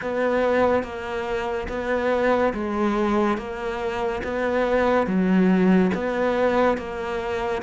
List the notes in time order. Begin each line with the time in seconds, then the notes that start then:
0.01 B3
0.83 A#3
1.68 B3
2.53 G#3
3.37 A#3
4.23 B3
5.06 F#3
5.94 B3
6.77 A#3